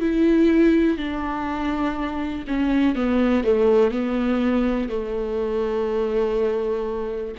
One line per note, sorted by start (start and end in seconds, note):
0.00 0.97 E4
0.97 2.45 D4
2.48 2.95 C#4
2.95 3.44 B3
3.44 3.91 A3
3.91 4.89 B3
4.89 7.35 A3